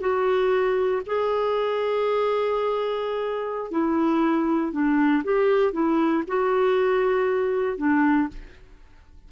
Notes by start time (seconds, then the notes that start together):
0.00 F#4
1.06 G#4
3.71 E4
4.72 D4
5.23 G4
5.72 E4
6.28 F#4
7.77 D4